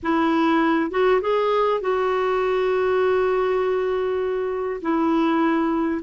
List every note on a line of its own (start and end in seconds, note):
0.02 0.90 E4
0.90 1.20 F#4
1.21 1.80 G#4
1.80 4.80 F#4
4.81 6.01 E4